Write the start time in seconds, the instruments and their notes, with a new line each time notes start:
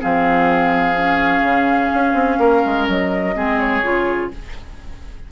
0.00 bassoon F3, clarinet C4, oboe G#4, flute F5
0.97 clarinet C#4
1.41 bassoon C#3
1.94 bassoon C#4
2.13 bassoon C4
2.39 bassoon A#3, oboe A#4
2.65 bassoon G#3
2.88 bassoon F#3, flute D#5
3.35 bassoon G#3, clarinet C4, oboe G#4
3.60 flute C#5
3.82 bassoon C#3, clarinet F4